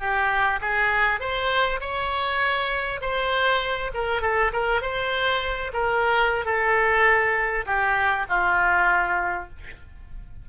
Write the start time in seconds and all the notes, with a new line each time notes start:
0.00 G4
0.62 G#4
1.20 C5
1.81 C#5
3.01 C5
3.94 A#4
4.22 A4
4.53 A#4
4.82 C5
5.74 A#4
6.45 A4
7.66 G4
8.29 F4